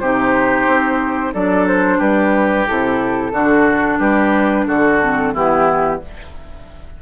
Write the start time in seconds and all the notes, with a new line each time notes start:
0.00 C3 D#4 G4 C5
0.67 C4
1.34 F#3 D4 A4 D5
1.68 C5
1.98 G3 G4 B4
2.67 C3 E4 A4
3.32 D3 D4 F#4
3.99 G3 G4 B4
4.67 D3 F#4 A4
5.02 C4
5.34 E3 B3 E4 G4